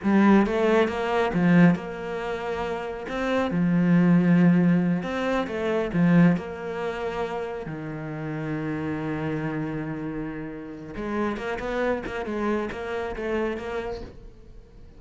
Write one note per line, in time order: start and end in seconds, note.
0.03 0.46 G3
0.46 0.88 A3
0.88 1.31 A#3
1.33 1.75 F3
1.75 3.06 A#3
3.08 3.50 C4
3.50 5.02 F3
5.02 5.46 C4
5.47 5.90 A3
5.93 6.36 F3
6.37 7.66 A#3
7.66 10.94 D#3
10.95 11.36 G#3
11.36 11.58 A#3
11.59 12.02 B3
12.06 12.25 A#3
12.25 12.69 G#3
12.71 13.15 A#3
13.15 13.57 A3
13.57 14.01 A#3